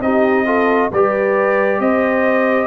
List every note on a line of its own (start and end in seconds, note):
0.00 0.90 C4
0.00 0.45 D#4
0.00 0.46 G4
0.00 0.90 D#5
0.45 0.90 F4
0.45 0.90 A4
0.91 1.79 G3
0.91 2.67 G4
0.91 1.80 B4
0.91 1.80 D5
1.79 2.67 C4
1.79 2.67 C5
1.79 2.67 D#5